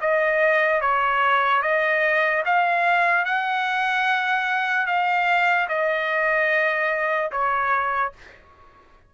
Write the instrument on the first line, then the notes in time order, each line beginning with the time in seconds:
trumpet
0.00 D#5
0.81 C#5
1.62 D#5
2.45 F5
3.24 F#5
4.86 F5
5.68 D#5
7.31 C#5